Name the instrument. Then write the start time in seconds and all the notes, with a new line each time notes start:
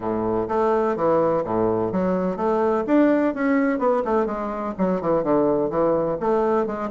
bassoon
0.00 A2
0.48 A3
0.95 E3
1.44 A2
1.92 F#3
2.36 A3
2.86 D4
3.34 C#4
3.79 B3
4.04 A3
4.26 G#3
4.78 F#3
5.01 E3
5.23 D3
5.70 E3
6.19 A3
6.66 G#3